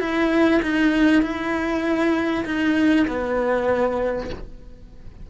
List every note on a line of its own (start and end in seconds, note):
0.00 0.61 E4
0.62 1.23 D#4
1.23 2.45 E4
2.45 3.06 D#4
3.08 4.30 B3